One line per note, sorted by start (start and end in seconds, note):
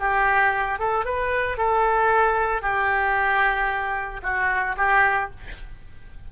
0.00 0.80 G4
0.80 1.05 A4
1.05 1.58 B4
1.58 2.62 A4
2.62 4.21 G4
4.23 4.76 F#4
4.78 5.31 G4